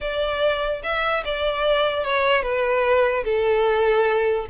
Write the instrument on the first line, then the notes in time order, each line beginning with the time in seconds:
violin
0.00 D5
0.83 E5
1.24 D5
2.04 C#5
2.42 B4
3.24 A4